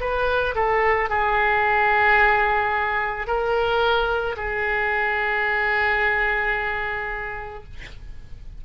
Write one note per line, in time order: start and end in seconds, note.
0.00 0.55 B4
0.55 1.10 A4
1.10 3.27 G#4
3.27 4.36 A#4
4.36 7.64 G#4